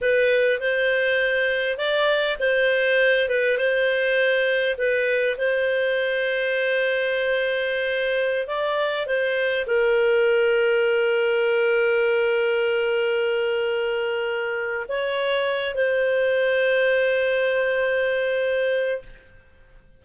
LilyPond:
\new Staff \with { instrumentName = "clarinet" } { \time 4/4 \tempo 4 = 101 b'4 c''2 d''4 | c''4. b'8 c''2 | b'4 c''2.~ | c''2~ c''16 d''4 c''8.~ |
c''16 ais'2.~ ais'8.~ | ais'1~ | ais'4 cis''4. c''4.~ | c''1 | }